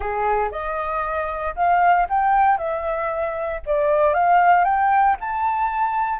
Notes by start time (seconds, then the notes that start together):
0.00 G#4
0.51 D#5
1.55 F5
2.09 G5
2.57 E5
3.66 D5
4.14 F5
4.64 G5
5.20 A5